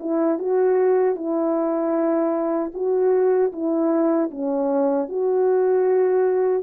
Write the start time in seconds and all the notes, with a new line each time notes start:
0.00 E4
0.39 F#4
1.15 E4
2.74 F#4
3.52 E4
4.31 C#4
5.09 F#4